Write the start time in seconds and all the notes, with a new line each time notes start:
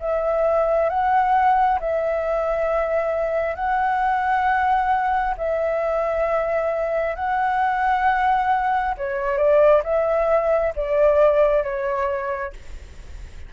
0.00 E5
0.90 F#5
1.80 E5
3.55 F#5
5.37 E5
7.16 F#5
8.98 C#5
9.37 D5
9.84 E5
10.76 D5
11.64 C#5